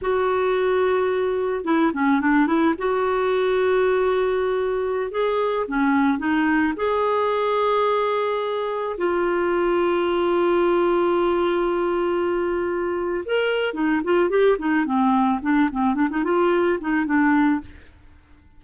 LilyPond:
\new Staff \with { instrumentName = "clarinet" } { \time 4/4 \tempo 4 = 109 fis'2. e'8 cis'8 | d'8 e'8 fis'2.~ | fis'4~ fis'16 gis'4 cis'4 dis'8.~ | dis'16 gis'2.~ gis'8.~ |
gis'16 f'2.~ f'8.~ | f'1 | ais'4 dis'8 f'8 g'8 dis'8 c'4 | d'8 c'8 d'16 dis'16 f'4 dis'8 d'4 | }